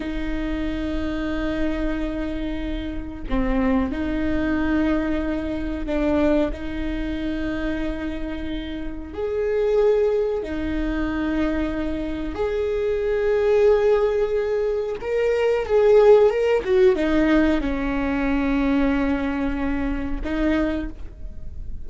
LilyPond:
\new Staff \with { instrumentName = "viola" } { \time 4/4 \tempo 4 = 92 dis'1~ | dis'4 c'4 dis'2~ | dis'4 d'4 dis'2~ | dis'2 gis'2 |
dis'2. gis'4~ | gis'2. ais'4 | gis'4 ais'8 fis'8 dis'4 cis'4~ | cis'2. dis'4 | }